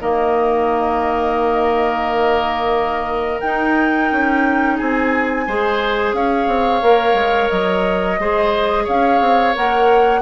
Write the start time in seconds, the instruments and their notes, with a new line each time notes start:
0.00 bassoon D#3, clarinet A#3, oboe A#4, flute D#5
3.40 bassoon D#4, clarinet D#4, flute G5
4.11 bassoon C#4
4.76 bassoon C4, oboe G#4, flute G#5
5.47 bassoon G#3, clarinet G#4, oboe C5
6.13 bassoon C#4, oboe C#5, flute F5
6.47 bassoon C4
6.82 bassoon A#3, clarinet A#4
7.13 bassoon G#3
7.49 bassoon F#3, flute D#5
8.18 bassoon G#3, clarinet G#4, oboe C5
8.84 bassoon C#4, oboe C#5, flute F5
9.20 bassoon C4
9.54 bassoon A#3, clarinet A#4, flute F#5